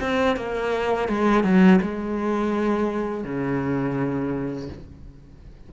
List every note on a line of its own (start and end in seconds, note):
0.00 0.36 C4
0.36 1.08 A#3
1.08 1.44 G#3
1.44 1.80 F#3
1.81 3.24 G#3
3.24 4.69 C#3